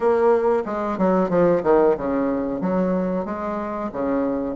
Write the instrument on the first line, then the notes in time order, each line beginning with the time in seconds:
bassoon
0.00 A#3
0.65 G#3
0.98 F#3
1.29 F3
1.63 D#3
1.97 C#3
2.60 F#3
3.25 G#3
3.92 C#3